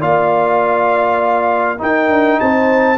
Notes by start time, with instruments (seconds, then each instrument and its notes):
0.00 tuba A#3, trombone F4, horn D5, trumpet F5
1.78 trombone D#4, tuba D#4, horn A#4, trumpet G5
2.09 tuba D4
2.40 tuba C4, horn C5, trumpet A5